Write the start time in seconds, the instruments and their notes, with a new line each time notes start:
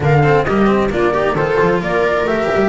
0.00 double bass D3, cello D4, viola A#4, flute F5
0.23 cello C4, viola A4
0.44 double bass G3, cello A#3, viola G4, flute D#5
0.66 cello C4
0.90 double bass A#3, cello D4, viola F4, flute D5
1.12 cello D#4, viola G4
1.34 double bass D#3, cello F4, viola A4, flute C5
1.61 double bass F3
1.81 double bass A#3, viola A#4, flute D5
2.24 double bass A3, cello G4, flute E5
2.54 double bass G3